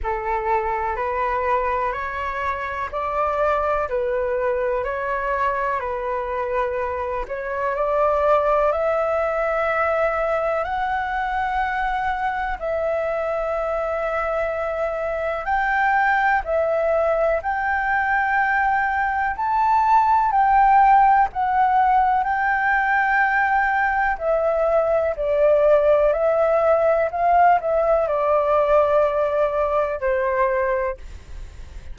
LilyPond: \new Staff \with { instrumentName = "flute" } { \time 4/4 \tempo 4 = 62 a'4 b'4 cis''4 d''4 | b'4 cis''4 b'4. cis''8 | d''4 e''2 fis''4~ | fis''4 e''2. |
g''4 e''4 g''2 | a''4 g''4 fis''4 g''4~ | g''4 e''4 d''4 e''4 | f''8 e''8 d''2 c''4 | }